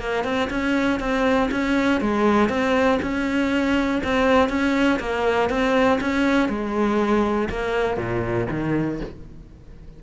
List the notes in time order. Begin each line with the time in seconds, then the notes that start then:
0.00 A#3
0.24 C4
0.50 C#4
1.00 C4
1.51 C#4
2.01 G#3
2.50 C4
3.02 C#4
4.04 C4
4.50 C#4
5.00 A#3
5.50 C4
6.01 C#4
6.49 G#3
7.50 A#3
7.97 A#2
8.51 D#3